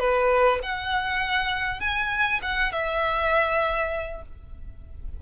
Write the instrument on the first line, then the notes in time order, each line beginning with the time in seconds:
violin
0.00 B4
0.63 F#5
1.81 G#5
2.43 F#5
2.72 E5